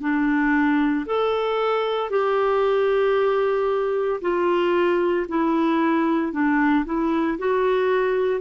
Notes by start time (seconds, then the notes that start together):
0.00 D4
1.06 A4
2.10 G4
4.21 F4
5.28 E4
6.32 D4
6.85 E4
7.38 F#4